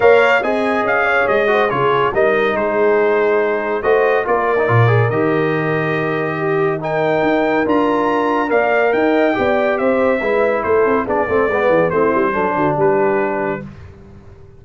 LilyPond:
<<
  \new Staff \with { instrumentName = "trumpet" } { \time 4/4 \tempo 4 = 141 f''4 gis''4 f''4 dis''4 | cis''4 dis''4 c''2~ | c''4 dis''4 d''2 | dis''1 |
g''2 ais''2 | f''4 g''2 e''4~ | e''4 c''4 d''2 | c''2 b'2 | }
  \new Staff \with { instrumentName = "horn" } { \time 4/4 cis''4 dis''4. cis''4 c''8 | gis'4 ais'4 gis'2~ | gis'4 c''4 ais'2~ | ais'2. g'4 |
ais'1 | d''4 dis''4 d''4 c''4 | b'4 a'4 gis'8 a'8 b'8 gis'8 | e'4 a'8 fis'8 g'2 | }
  \new Staff \with { instrumentName = "trombone" } { \time 4/4 ais'4 gis'2~ gis'8 fis'8 | f'4 dis'2.~ | dis'4 fis'4 f'8. dis'16 f'8 gis'8 | g'1 |
dis'2 f'2 | ais'2 g'2 | e'2 d'8 c'8 b4 | c'4 d'2. | }
  \new Staff \with { instrumentName = "tuba" } { \time 4/4 ais4 c'4 cis'4 gis4 | cis4 g4 gis2~ | gis4 a4 ais4 ais,4 | dis1~ |
dis4 dis'4 d'2 | ais4 dis'4 b4 c'4 | gis4 a8 c'8 b8 a8 gis8 e8 | a8 g8 fis8 d8 g2 | }
>>